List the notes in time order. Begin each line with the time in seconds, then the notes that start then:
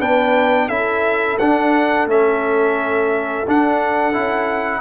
0.00 B3 D4 B4 G5
0.68 C#4 E4 A4 E5
1.39 D4 F#5
2.06 A3 C#4 E5
3.47 D4 F#5
4.13 C#4 E4